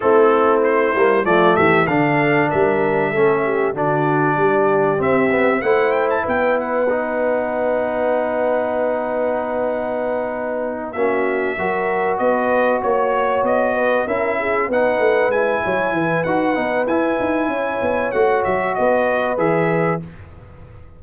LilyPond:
<<
  \new Staff \with { instrumentName = "trumpet" } { \time 4/4 \tempo 4 = 96 a'4 c''4 d''8 e''8 f''4 | e''2 d''2 | e''4 fis''8 g''16 a''16 g''8 fis''4.~ | fis''1~ |
fis''4. e''2 dis''8~ | dis''8 cis''4 dis''4 e''4 fis''8~ | fis''8 gis''4. fis''4 gis''4~ | gis''4 fis''8 e''8 dis''4 e''4 | }
  \new Staff \with { instrumentName = "horn" } { \time 4/4 e'2 f'8 g'8 a'4 | ais'4 a'8 g'8 fis'4 g'4~ | g'4 c''4 b'2~ | b'1~ |
b'4. fis'4 ais'4 b'8~ | b'8 cis''4. b'8 ais'8 gis'8 b'8~ | b'4 cis''8 b'2~ b'8 | cis''2 b'2 | }
  \new Staff \with { instrumentName = "trombone" } { \time 4/4 c'4. ais8 a4 d'4~ | d'4 cis'4 d'2 | c'8 b8 e'2 dis'4~ | dis'1~ |
dis'4. cis'4 fis'4.~ | fis'2~ fis'8 e'4 dis'8~ | dis'8 e'4. fis'8 dis'8 e'4~ | e'4 fis'2 gis'4 | }
  \new Staff \with { instrumentName = "tuba" } { \time 4/4 a4. g8 f8 e8 d4 | g4 a4 d4 g4 | c'4 a4 b2~ | b1~ |
b4. ais4 fis4 b8~ | b8 ais4 b4 cis'4 b8 | a8 gis8 fis8 e8 dis'8 b8 e'8 dis'8 | cis'8 b8 a8 fis8 b4 e4 | }
>>